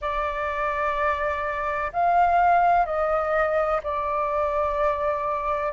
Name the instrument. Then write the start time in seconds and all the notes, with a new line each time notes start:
flute
0.01 D5
1.92 F5
2.85 D#5
3.83 D5